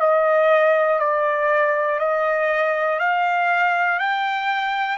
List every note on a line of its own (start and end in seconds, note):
0.00 0.99 D#5
0.99 1.99 D5
1.99 2.99 D#5
2.99 3.99 F5
3.99 4.97 G5